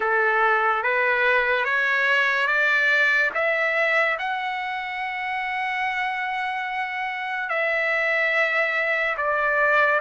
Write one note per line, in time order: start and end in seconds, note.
0.00 0.83 A4
0.83 1.64 B4
1.64 2.47 C#5
2.47 3.30 D5
3.34 4.17 E5
4.19 7.49 F#5
7.49 9.16 E5
9.17 10.00 D5